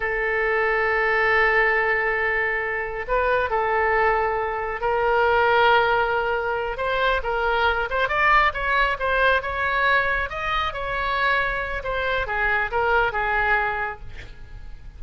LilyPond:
\new Staff \with { instrumentName = "oboe" } { \time 4/4 \tempo 4 = 137 a'1~ | a'2. b'4 | a'2. ais'4~ | ais'2.~ ais'8 c''8~ |
c''8 ais'4. c''8 d''4 cis''8~ | cis''8 c''4 cis''2 dis''8~ | dis''8 cis''2~ cis''8 c''4 | gis'4 ais'4 gis'2 | }